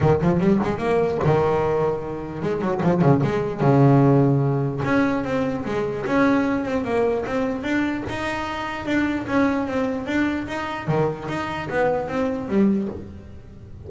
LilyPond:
\new Staff \with { instrumentName = "double bass" } { \time 4/4 \tempo 4 = 149 dis8 f8 g8 gis8 ais4 dis4~ | dis2 gis8 fis8 f8 cis8 | gis4 cis2. | cis'4 c'4 gis4 cis'4~ |
cis'8 c'8 ais4 c'4 d'4 | dis'2 d'4 cis'4 | c'4 d'4 dis'4 dis4 | dis'4 b4 c'4 g4 | }